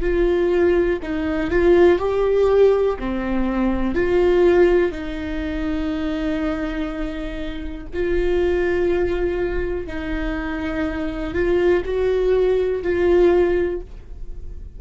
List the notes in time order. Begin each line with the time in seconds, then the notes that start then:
0.00 F4
1.02 D#4
1.50 F4
1.99 G4
2.99 C4
3.95 F4
4.91 D#4
7.93 F4
9.86 D#4
11.34 F4
11.85 F#4
12.82 F4